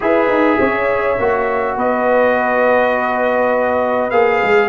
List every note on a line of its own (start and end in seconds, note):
0.00 0.28 E4
0.00 1.17 G#4
0.00 0.59 B4
0.00 1.78 E5
0.28 0.57 D#4
0.59 1.18 C#4
0.59 1.76 C#5
1.19 1.76 A#3
1.19 4.11 F#4
1.76 4.12 B3
1.76 4.69 B4
1.76 4.10 D#5
4.10 4.41 A#3
4.10 4.69 G#4
4.10 4.69 F5
4.43 4.69 G#3